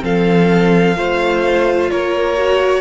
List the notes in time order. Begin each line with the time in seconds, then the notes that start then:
0.00 F3 C4 A4 F5
0.96 A3 F4 C5
1.90 A#3 A#4 C#5
2.38 F#4